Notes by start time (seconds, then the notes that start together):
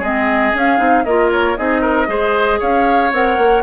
0.00 G#3 C4 G#4 D#5
0.53 C#4 F5
0.77 C4 D#4
1.04 A#3 F4 A#4 D#5
1.32 C#5
1.57 C4 D#4 G#4 D#5
1.81 A#4
2.07 G#3 G#4 C5
2.59 C#4 C#5 F5
3.12 C4 A#4 F#5
3.38 A#3